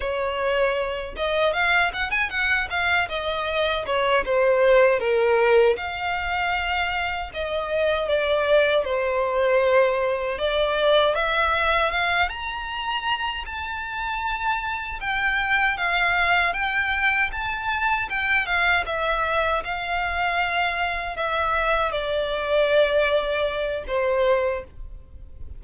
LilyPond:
\new Staff \with { instrumentName = "violin" } { \time 4/4 \tempo 4 = 78 cis''4. dis''8 f''8 fis''16 gis''16 fis''8 f''8 | dis''4 cis''8 c''4 ais'4 f''8~ | f''4. dis''4 d''4 c''8~ | c''4. d''4 e''4 f''8 |
ais''4. a''2 g''8~ | g''8 f''4 g''4 a''4 g''8 | f''8 e''4 f''2 e''8~ | e''8 d''2~ d''8 c''4 | }